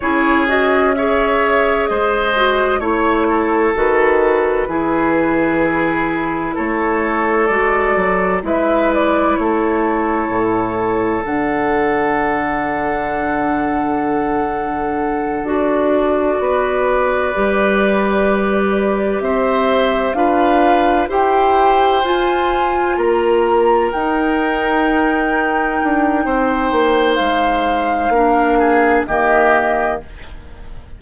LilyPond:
<<
  \new Staff \with { instrumentName = "flute" } { \time 4/4 \tempo 4 = 64 cis''8 dis''8 e''4 dis''4 cis''4 | b'2. cis''4 | d''4 e''8 d''8 cis''2 | fis''1~ |
fis''8 d''2.~ d''8~ | d''8 e''4 f''4 g''4 gis''8~ | gis''8 ais''4 g''2~ g''8~ | g''4 f''2 dis''4 | }
  \new Staff \with { instrumentName = "oboe" } { \time 4/4 gis'4 cis''4 c''4 cis''8 a'8~ | a'4 gis'2 a'4~ | a'4 b'4 a'2~ | a'1~ |
a'4. b'2~ b'8~ | b'8 c''4 b'4 c''4.~ | c''8 ais'2.~ ais'8 | c''2 ais'8 gis'8 g'4 | }
  \new Staff \with { instrumentName = "clarinet" } { \time 4/4 e'8 fis'8 gis'4. fis'8 e'4 | fis'4 e'2. | fis'4 e'2. | d'1~ |
d'8 fis'2 g'4.~ | g'4. f'4 g'4 f'8~ | f'4. dis'2~ dis'8~ | dis'2 d'4 ais4 | }
  \new Staff \with { instrumentName = "bassoon" } { \time 4/4 cis'2 gis4 a4 | dis4 e2 a4 | gis8 fis8 gis4 a4 a,4 | d1~ |
d8 d'4 b4 g4.~ | g8 c'4 d'4 e'4 f'8~ | f'8 ais4 dis'2 d'8 | c'8 ais8 gis4 ais4 dis4 | }
>>